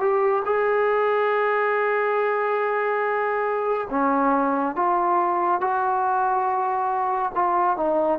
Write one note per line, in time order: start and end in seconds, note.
0.00 0.43 G4
0.45 3.88 G#4
3.90 4.76 C#4
4.76 5.61 F4
5.61 7.32 F#4
7.35 7.77 F4
7.77 8.19 D#4